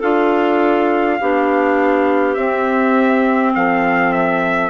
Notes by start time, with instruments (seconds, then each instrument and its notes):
0.00 bassoon D4, clarinet F4 A4, trumpet F5
1.21 bassoon B3, clarinet D4 G4
2.35 bassoon C4, clarinet C4, trumpet E5
3.53 bassoon F3, clarinet A4, trumpet F5
4.13 trumpet E5